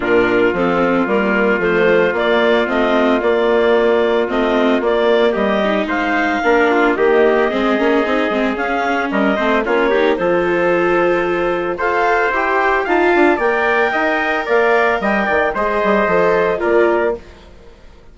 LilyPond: <<
  \new Staff \with { instrumentName = "clarinet" } { \time 4/4 \tempo 4 = 112 ais'4 a'4 ais'4 c''4 | d''4 dis''4 d''2 | dis''4 d''4 dis''4 f''4~ | f''4 dis''2. |
f''4 dis''4 cis''4 c''4~ | c''2 f''4 g''4 | a''4 g''2 f''4 | g''4 dis''2 d''4 | }
  \new Staff \with { instrumentName = "trumpet" } { \time 4/4 f'1~ | f'1~ | f'2 g'4 c''4 | ais'8 f'8 g'4 gis'2~ |
gis'4 ais'8 c''8 f'8 g'8 a'4~ | a'2 c''2 | f''4 d''4 dis''4 d''4 | dis''8 d''8 c''2 ais'4 | }
  \new Staff \with { instrumentName = "viola" } { \time 4/4 d'4 c'4 ais4 a4 | ais4 c'4 ais2 | c'4 ais4. dis'4. | d'4 ais4 c'8 cis'8 dis'8 c'8 |
cis'4. c'8 cis'8 dis'8 f'4~ | f'2 a'4 g'4 | f'4 ais'2.~ | ais'4 gis'4 a'4 f'4 | }
  \new Staff \with { instrumentName = "bassoon" } { \time 4/4 ais,4 f4 g4 f4 | ais4 a4 ais2 | a4 ais4 g4 gis4 | ais4 dis4 gis8 ais8 c'8 gis8 |
cis'4 g8 a8 ais4 f4~ | f2 f'4 e'4 | dis'8 d'8 ais4 dis'4 ais4 | g8 dis8 gis8 g8 f4 ais4 | }
>>